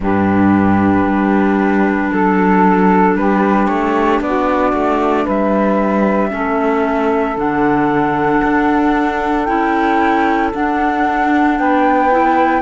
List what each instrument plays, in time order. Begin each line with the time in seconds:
0.00 cello G2, clarinet D4, saxophone G4, flute B4
1.05 cello G3
2.11 cello F#3, saxophone A4, flute A4
3.15 cello G3, saxophone G4, flute B4
3.67 cello A3, flute C#5
4.20 cello B3, saxophone F#4, flute D5
4.73 cello A3
5.23 cello G3, saxophone B4, flute E5
6.30 cello A3, clarinet C#4, saxophone A4
7.36 cello D3, clarinet D4, flute F#5
8.43 cello D4
9.45 cello C#4, clarinet E4, flute G5
10.54 cello D4, clarinet D4, flute F#5
11.58 cello B3, saxophone B4, flute G5
12.11 clarinet E4